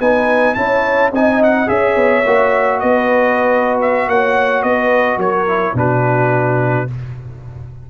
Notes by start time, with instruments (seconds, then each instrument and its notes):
0.00 tuba B3, trombone D#4, horn B4, trumpet G#5
0.54 tuba C#4, trombone E4, horn C#5, trumpet A5
1.11 tuba C4, trombone D#4, horn D#5, trumpet G#5
1.43 trumpet F#5
1.67 tuba C#4, trombone G#4, trumpet E5
1.74 horn C#5
1.96 tuba B3
2.26 tuba A#3, trombone F#4
2.80 tuba B3, horn B4, trumpet D#5
3.82 trumpet E5
4.08 tuba A#3, horn C#5, trumpet F#5
4.63 tuba B3, horn B4, trumpet D#5
5.17 tuba F#3, horn A#4, trumpet C#5
5.48 trombone E4
5.74 tuba B2, trombone D4, horn F#4, trumpet B4